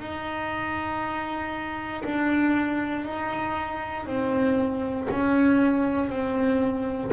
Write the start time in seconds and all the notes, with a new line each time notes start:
0.00 D#4
2.05 D4
3.06 D#4
4.06 C4
5.11 C#4
6.10 C4